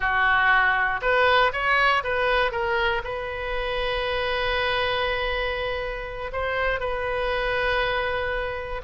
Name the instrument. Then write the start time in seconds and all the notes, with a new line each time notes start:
oboe
0.00 F#4
1.01 B4
1.52 C#5
2.03 B4
2.51 A#4
3.04 B4
6.32 C5
6.80 B4